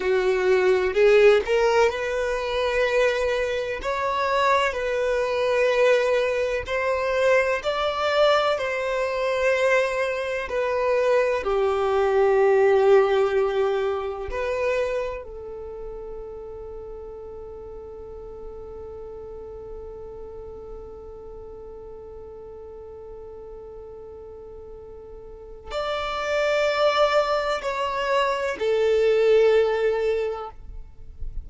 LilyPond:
\new Staff \with { instrumentName = "violin" } { \time 4/4 \tempo 4 = 63 fis'4 gis'8 ais'8 b'2 | cis''4 b'2 c''4 | d''4 c''2 b'4 | g'2. b'4 |
a'1~ | a'1~ | a'2. d''4~ | d''4 cis''4 a'2 | }